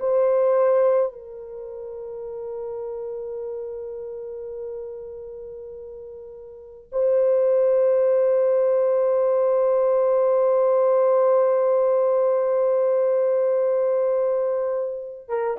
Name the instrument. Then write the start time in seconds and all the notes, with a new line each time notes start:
horn
0.00 C5
1.13 A#4
6.92 C5
15.29 A#4